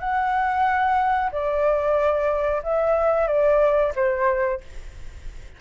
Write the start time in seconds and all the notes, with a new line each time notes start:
0.00 F#5
1.32 D5
2.63 E5
3.28 D5
3.96 C5